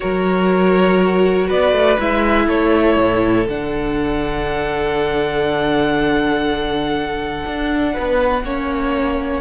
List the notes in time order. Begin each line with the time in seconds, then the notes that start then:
0.00 F#3 F#4 A#4 C#5
1.47 B3 B4 D5
1.72 A3
1.99 G#3 E4 E5
2.46 A3 A4 C#5
2.96 A2
3.48 D3 D4 F#5
7.45 D4
7.93 B3 B4
8.43 A#3 C#4 C#5